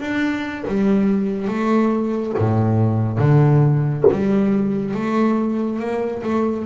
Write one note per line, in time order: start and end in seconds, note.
0.00 0.64 D4
0.67 1.48 G3
1.48 2.34 A3
2.38 3.18 A2
3.18 4.04 D3
4.11 4.94 G3
4.94 5.79 A3
5.79 6.22 A#3
6.23 6.66 A3